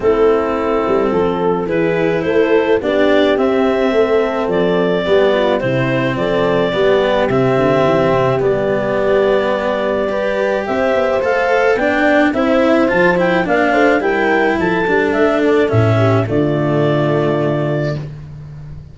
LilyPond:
<<
  \new Staff \with { instrumentName = "clarinet" } { \time 4/4 \tempo 4 = 107 a'2. b'4 | c''4 d''4 e''2 | d''2 c''4 d''4~ | d''4 e''2 d''4~ |
d''2. e''4 | f''4 g''4 e''4 a''8 g''8 | f''4 g''4 a''4 e''8 d''8 | e''4 d''2. | }
  \new Staff \with { instrumentName = "horn" } { \time 4/4 e'2 a'4 gis'4 | a'4 g'2 a'4~ | a'4 g'8 f'8 e'4 a'4 | g'1~ |
g'2 b'4 c''4~ | c''4 d''4 c''2 | d''8 c''8 ais'4 a'2~ | a'8 g'8 f'2. | }
  \new Staff \with { instrumentName = "cello" } { \time 4/4 c'2. e'4~ | e'4 d'4 c'2~ | c'4 b4 c'2 | b4 c'2 b4~ |
b2 g'2 | a'4 d'4 e'4 f'8 e'8 | d'4 e'4. d'4. | cis'4 a2. | }
  \new Staff \with { instrumentName = "tuba" } { \time 4/4 a4. g8 f4 e4 | a4 b4 c'4 a4 | f4 g4 c4 f4 | g4 c8 d8 e8 c8 g4~ |
g2. c'8 b8 | a4 b4 c'4 f4 | ais8 a8 g4 f8 g8 a4 | a,4 d2. | }
>>